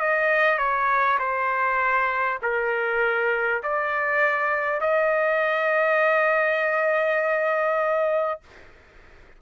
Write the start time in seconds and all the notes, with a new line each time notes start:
0.00 D#5
0.58 C#5
1.19 C5
2.42 A#4
3.63 D5
4.81 D#5